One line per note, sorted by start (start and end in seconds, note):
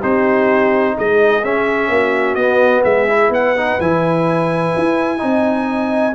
0.00 0.97 C4
0.00 1.44 D#4
0.00 0.94 G4
0.00 0.98 C5
0.97 1.44 G#3
0.97 1.91 G#4
0.97 1.44 D#5
1.44 1.89 C#4
1.44 2.38 C#4
1.44 2.35 E5
1.89 2.36 A#3
1.89 2.84 F#4
2.35 2.83 B3
2.35 3.09 B3
2.35 2.82 D#5
2.84 3.29 G#3
2.84 3.31 G#4
2.84 3.31 E5
3.09 3.56 E4
3.29 3.77 B3
3.29 5.21 B4
3.29 3.80 F#5
3.56 3.80 D#4
3.80 4.74 E3
3.80 5.18 E4
3.80 6.15 G#5
4.76 5.22 E4
5.18 6.15 C4
5.18 6.13 D#4
5.18 6.15 D#5